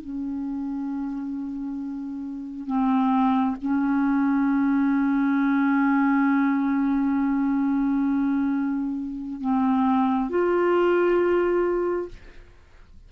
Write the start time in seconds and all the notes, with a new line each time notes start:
0.00 C#4
2.66 C4
3.61 C#4
9.41 C4
10.29 F4